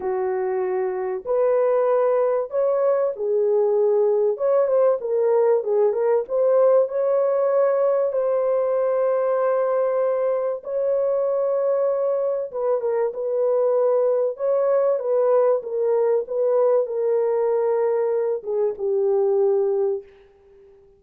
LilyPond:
\new Staff \with { instrumentName = "horn" } { \time 4/4 \tempo 4 = 96 fis'2 b'2 | cis''4 gis'2 cis''8 c''8 | ais'4 gis'8 ais'8 c''4 cis''4~ | cis''4 c''2.~ |
c''4 cis''2. | b'8 ais'8 b'2 cis''4 | b'4 ais'4 b'4 ais'4~ | ais'4. gis'8 g'2 | }